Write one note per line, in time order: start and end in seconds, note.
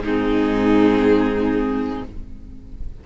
0.00 2.00 G#2
0.00 2.04 D#4
0.00 2.04 G#4
0.06 2.06 C4